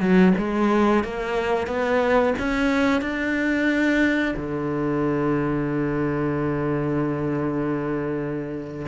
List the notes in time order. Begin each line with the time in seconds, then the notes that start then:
0.00 F#3
0.38 G#3
1.04 A#3
1.67 B3
2.39 C#4
3.01 D4
4.36 D3